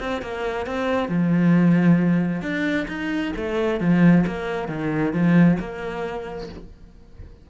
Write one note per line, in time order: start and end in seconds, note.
0.00 0.22 C4
0.22 0.66 A#3
0.66 1.09 C4
1.09 2.42 F3
2.42 2.87 D4
2.88 3.33 D#4
3.36 3.80 A3
3.80 4.25 F3
4.26 4.68 A#3
4.68 5.13 D#3
5.13 5.58 F3
5.59 6.49 A#3